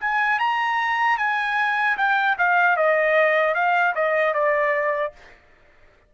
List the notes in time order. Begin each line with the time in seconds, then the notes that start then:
0.00 G#5
0.39 A#5
1.18 G#5
1.97 G5
2.38 F5
2.77 D#5
3.55 F5
3.95 D#5
4.33 D5